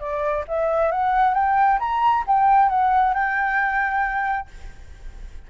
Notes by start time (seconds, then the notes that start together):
0.00 D5
0.48 E5
0.92 F#5
1.34 G5
1.80 A#5
2.27 G5
2.69 F#5
3.14 G5